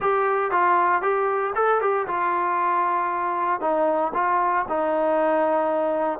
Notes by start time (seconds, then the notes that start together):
0.00 G4
0.51 F4
1.02 G4
1.55 A4
1.81 G4
2.07 F4
3.60 D#4
4.14 F4
4.69 D#4